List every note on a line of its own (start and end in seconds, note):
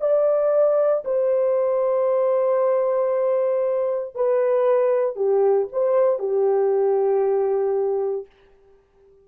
0.00 1.03 D5
1.04 4.15 C5
4.15 5.16 B4
5.16 5.68 G4
5.72 6.19 C5
6.19 8.26 G4